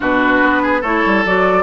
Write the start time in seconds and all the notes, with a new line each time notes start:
0.00 B2 D4 F#4 B4
0.42 B3
0.62 G#4
0.80 A3 E4 A4 C#5
1.05 G3
1.25 F#3 F#4 D5